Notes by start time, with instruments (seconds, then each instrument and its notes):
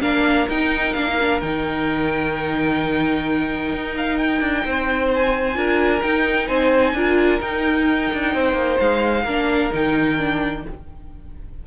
0.00 cello A#3, viola D4, violin A#4 F5
0.48 cello D#4, viola D#4, violin G5
0.93 cello A#3, viola D4, violin F5
1.07 viola D#4
1.20 viola D4
1.40 cello D#3, viola D#4, violin G5
3.72 cello D#4
3.97 violin F5
4.17 violin G5
4.40 cello D4
4.64 cello C4, violin C5
5.14 violin G#5
5.54 cello D4, viola F4, violin A#4
6.01 cello D#4, viola D#4, violin G5
6.47 cello C4, violin C5 G#5
6.93 cello D4, viola F4, violin A#4
7.40 viola D#4, cello D#4, violin G5
8.13 cello D4
8.34 cello C4, violin C5
8.53 cello A#3
8.79 cello G#3, violin F5
9.24 cello A#3, viola D4, violin A#4
9.71 cello D#3, viola D#4, violin G5
10.17 viola D4